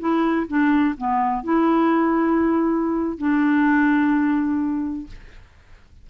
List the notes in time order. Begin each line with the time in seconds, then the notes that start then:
0.00 E4
0.48 D4
0.98 B3
1.44 E4
3.18 D4